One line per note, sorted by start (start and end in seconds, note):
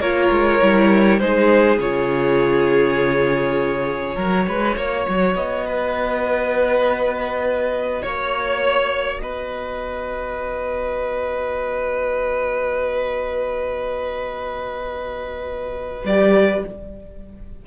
0.00 0.30 A#3
0.00 0.62 F4
0.00 1.20 A#4
0.00 1.20 C#5
0.31 0.61 G#3
0.62 1.21 G3
0.62 1.21 E4
1.20 1.78 G#3
1.20 1.80 D#4
1.20 4.16 G#4
1.20 1.79 C5
1.78 4.16 C#3
1.78 4.17 F4
1.78 5.35 C#5
4.16 4.47 F#3
4.16 16.05 F#4
4.16 4.45 A#4
4.47 4.76 G#3
4.47 4.77 B4
4.76 5.06 A#3
4.76 5.66 C#5
5.09 5.35 F#3
5.35 8.03 B3
5.35 8.03 D#5
5.66 8.02 B4
8.02 9.22 A#3
8.02 9.21 C#5
8.02 9.19 C#5
9.19 16.05 B3
9.19 16.65 B4
9.19 16.02 D#5
16.05 16.64 G3
16.05 16.67 G4
16.05 16.65 D5